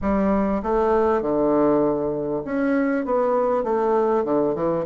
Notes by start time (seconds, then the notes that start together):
0.01 G3
0.62 A3
1.21 D3
2.45 C#4
3.05 B3
3.63 A3
4.24 D3
4.55 E3